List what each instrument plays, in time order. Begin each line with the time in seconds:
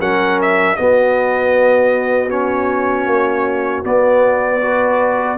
0.00 tuba F#3, trombone C#4, horn A#4, trumpet F#5
0.42 trumpet E5
0.77 trombone B3, tuba B3, horn F#4, trumpet D#5
2.30 trombone C#4, trumpet C#5
3.07 tuba A#3
3.84 trombone B3, tuba B3, trumpet D5
4.62 trombone F#4, horn B4